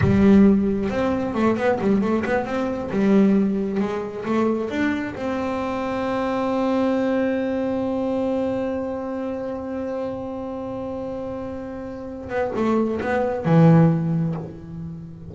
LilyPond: \new Staff \with { instrumentName = "double bass" } { \time 4/4 \tempo 4 = 134 g2 c'4 a8 b8 | g8 a8 b8 c'4 g4.~ | g8 gis4 a4 d'4 c'8~ | c'1~ |
c'1~ | c'1~ | c'2.~ c'8 b8 | a4 b4 e2 | }